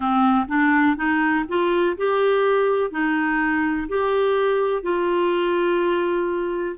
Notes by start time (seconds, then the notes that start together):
0.00 C4
0.48 D4
0.96 D#4
1.48 F4
1.97 G4
2.90 D#4
3.88 G4
4.82 F4